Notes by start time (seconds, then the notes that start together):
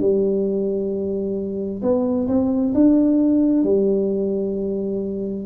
0.00 G3
1.82 B3
2.28 C4
2.74 D4
3.64 G3